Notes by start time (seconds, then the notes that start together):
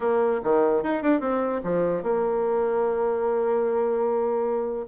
0.00 A#3
0.43 D#3
0.83 D#4
1.02 D4
1.20 C4
1.63 F3
2.02 A#3